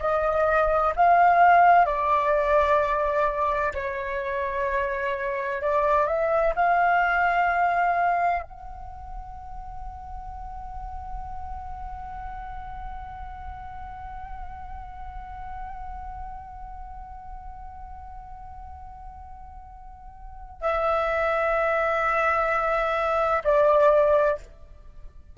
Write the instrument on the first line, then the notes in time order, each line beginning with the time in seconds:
flute
0.00 D#5
0.96 F5
1.86 D5
3.74 C#5
5.62 D5
6.07 E5
6.56 F5
8.43 F#5
20.61 E5
23.44 D5